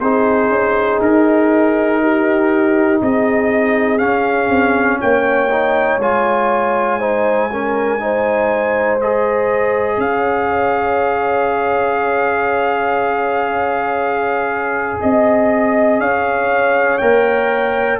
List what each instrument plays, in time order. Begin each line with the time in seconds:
0.00 tuba C4, trombone D#4, horn G#4, trumpet C5
0.49 tuba C#4
1.01 tuba D#4, trumpet A#4
2.02 horn G4
3.01 tuba C4, horn G#4, trumpet D#5
3.99 trombone C#4, tuba C#4, trumpet F5
4.49 tuba C4
5.00 tuba A#3, horn C#5, trumpet G5
5.50 trombone D#4
5.97 tuba G#3, trombone F4, trumpet G#5
6.99 trombone D#4, horn C5
7.52 trombone C#4, horn A#4
8.00 trombone D#4, horn C5
9.01 trombone G#4, trumpet D#5
9.97 tuba C#4, horn C#5, trumpet F5
15.01 tuba C4, trumpet D#5, horn D#5
16.00 tuba C#4, horn C#5, trumpet F5
16.98 tuba A#3, trombone A#4, trumpet G5